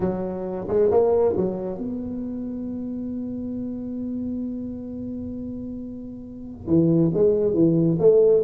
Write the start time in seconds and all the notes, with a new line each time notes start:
0.00 F#3
0.68 G#3
0.90 A#3
1.37 F#3
1.78 B3
6.66 E3
7.13 G#3
7.53 E3
7.99 A3